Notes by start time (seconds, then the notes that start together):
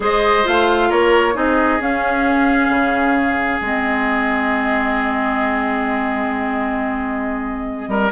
0.00 G#3 G#4 C5 D#5
0.43 A3 F4 F5
0.88 A#3 A#4 C#5
1.33 C4 D#4 G#4 D#5
1.79 C#4 F5
2.68 C#3
3.59 G#3 C4 D#5
7.88 G3 A#4